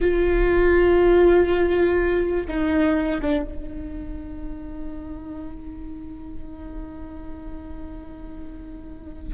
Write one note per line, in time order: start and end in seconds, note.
0.00 2.46 F4
2.47 3.21 D#4
3.21 3.44 D4
3.44 9.34 D#4